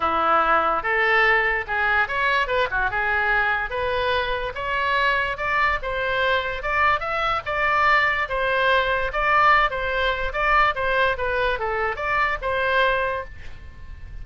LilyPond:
\new Staff \with { instrumentName = "oboe" } { \time 4/4 \tempo 4 = 145 e'2 a'2 | gis'4 cis''4 b'8 fis'8 gis'4~ | gis'4 b'2 cis''4~ | cis''4 d''4 c''2 |
d''4 e''4 d''2 | c''2 d''4. c''8~ | c''4 d''4 c''4 b'4 | a'4 d''4 c''2 | }